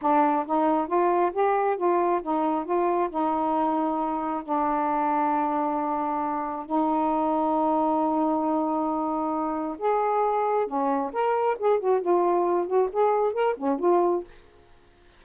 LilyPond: \new Staff \with { instrumentName = "saxophone" } { \time 4/4 \tempo 4 = 135 d'4 dis'4 f'4 g'4 | f'4 dis'4 f'4 dis'4~ | dis'2 d'2~ | d'2. dis'4~ |
dis'1~ | dis'2 gis'2 | cis'4 ais'4 gis'8 fis'8 f'4~ | f'8 fis'8 gis'4 ais'8 cis'8 f'4 | }